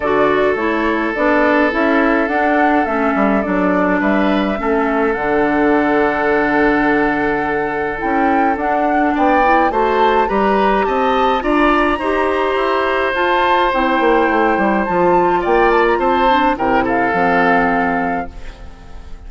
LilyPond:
<<
  \new Staff \with { instrumentName = "flute" } { \time 4/4 \tempo 4 = 105 d''4 cis''4 d''4 e''4 | fis''4 e''4 d''4 e''4~ | e''4 fis''2.~ | fis''2 g''4 fis''4 |
g''4 a''4 ais''4 a''4 | ais''2. a''4 | g''2 a''4 g''8 a''16 ais''16 | a''4 g''8 f''2~ f''8 | }
  \new Staff \with { instrumentName = "oboe" } { \time 4/4 a'1~ | a'2. b'4 | a'1~ | a'1 |
d''4 c''4 b'4 dis''4 | d''4 c''2.~ | c''2. d''4 | c''4 ais'8 a'2~ a'8 | }
  \new Staff \with { instrumentName = "clarinet" } { \time 4/4 fis'4 e'4 d'4 e'4 | d'4 cis'4 d'2 | cis'4 d'2.~ | d'2 e'4 d'4~ |
d'8 e'8 fis'4 g'2 | f'4 g'2 f'4 | e'2 f'2~ | f'8 d'8 e'4 c'2 | }
  \new Staff \with { instrumentName = "bassoon" } { \time 4/4 d4 a4 b4 cis'4 | d'4 a8 g8 fis4 g4 | a4 d2.~ | d2 cis'4 d'4 |
b4 a4 g4 c'4 | d'4 dis'4 e'4 f'4 | c'8 ais8 a8 g8 f4 ais4 | c'4 c4 f2 | }
>>